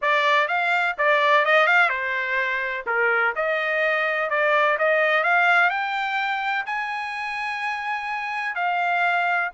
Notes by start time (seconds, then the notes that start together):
0.01 D5
0.47 F5
0.98 D5
1.45 D#5
1.67 F5
1.89 C5
2.86 A#4
3.35 D#5
4.29 D5
4.78 D#5
5.23 F5
5.70 G5
6.65 G#5
8.55 F5